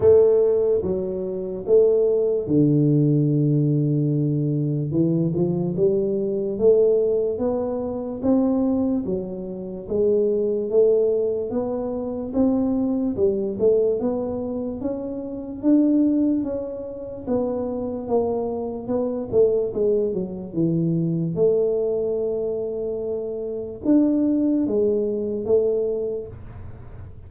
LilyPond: \new Staff \with { instrumentName = "tuba" } { \time 4/4 \tempo 4 = 73 a4 fis4 a4 d4~ | d2 e8 f8 g4 | a4 b4 c'4 fis4 | gis4 a4 b4 c'4 |
g8 a8 b4 cis'4 d'4 | cis'4 b4 ais4 b8 a8 | gis8 fis8 e4 a2~ | a4 d'4 gis4 a4 | }